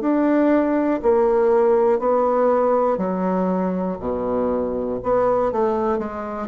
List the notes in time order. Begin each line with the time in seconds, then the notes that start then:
0.00 D4
1.02 A#3
1.99 B3
2.97 F#3
3.99 B2
5.03 B3
5.51 A3
5.98 G#3